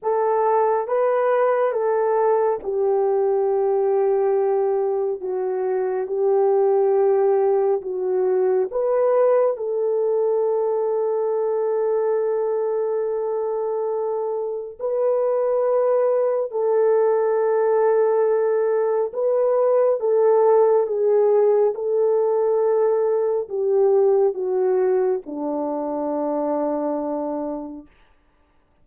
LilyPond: \new Staff \with { instrumentName = "horn" } { \time 4/4 \tempo 4 = 69 a'4 b'4 a'4 g'4~ | g'2 fis'4 g'4~ | g'4 fis'4 b'4 a'4~ | a'1~ |
a'4 b'2 a'4~ | a'2 b'4 a'4 | gis'4 a'2 g'4 | fis'4 d'2. | }